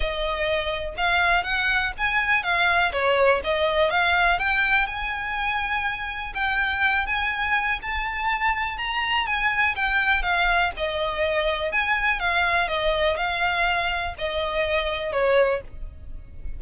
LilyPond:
\new Staff \with { instrumentName = "violin" } { \time 4/4 \tempo 4 = 123 dis''2 f''4 fis''4 | gis''4 f''4 cis''4 dis''4 | f''4 g''4 gis''2~ | gis''4 g''4. gis''4. |
a''2 ais''4 gis''4 | g''4 f''4 dis''2 | gis''4 f''4 dis''4 f''4~ | f''4 dis''2 cis''4 | }